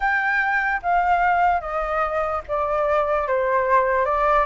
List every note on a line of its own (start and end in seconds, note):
0.00 0.81 G5
0.82 1.60 F5
1.60 2.41 D#5
2.48 3.27 D5
3.27 4.05 C5
4.05 4.45 D5